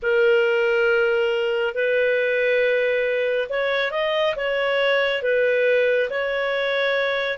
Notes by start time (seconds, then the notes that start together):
0.02 A#4
1.74 B4
3.49 C#5
3.91 D#5
4.36 C#5
5.22 B4
6.10 C#5